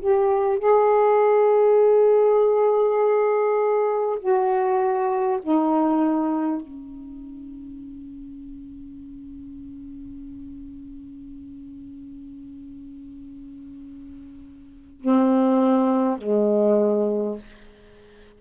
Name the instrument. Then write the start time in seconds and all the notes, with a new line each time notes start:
saxophone
0.00 G4
0.59 G#4
4.19 F#4
5.42 D#4
6.62 C#4
15.01 C4
16.18 G#3